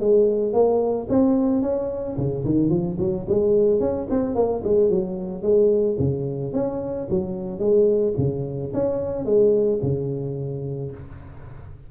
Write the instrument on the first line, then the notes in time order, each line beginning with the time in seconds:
tuba
0.00 G#3
0.53 A#3
1.09 C4
1.62 C#4
2.17 C#3
2.45 D#3
2.70 F3
2.99 F#3
3.29 G#3
3.80 C#4
4.10 C4
4.35 A#3
4.64 G#3
4.90 F#3
5.42 G#3
5.99 C#3
6.54 C#4
7.10 F#3
7.59 G#3
8.18 C#3
8.74 C#4
9.25 G#3
9.82 C#3